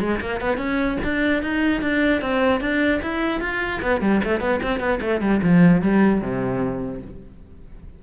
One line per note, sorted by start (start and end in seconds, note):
0.00 0.20 G#3
0.20 0.40 A#3
0.40 0.57 B3
0.57 0.97 C#4
1.03 1.42 D4
1.42 1.81 D#4
1.81 2.21 D4
2.21 2.60 C4
2.60 3.00 D4
3.02 3.40 E4
3.40 3.80 F4
3.82 4.01 B3
4.01 4.21 G3
4.24 4.40 A3
4.40 4.60 B3
4.62 4.80 C4
4.80 5.00 B3
5.01 5.21 A3
5.21 5.41 G3
5.42 5.82 F3
5.82 6.21 G3
6.21 7.01 C3